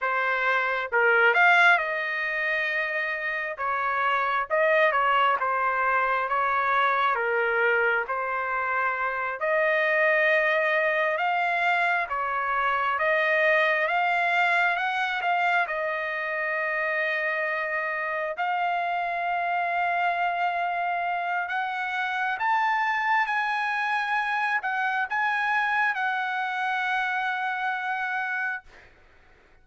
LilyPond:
\new Staff \with { instrumentName = "trumpet" } { \time 4/4 \tempo 4 = 67 c''4 ais'8 f''8 dis''2 | cis''4 dis''8 cis''8 c''4 cis''4 | ais'4 c''4. dis''4.~ | dis''8 f''4 cis''4 dis''4 f''8~ |
f''8 fis''8 f''8 dis''2~ dis''8~ | dis''8 f''2.~ f''8 | fis''4 a''4 gis''4. fis''8 | gis''4 fis''2. | }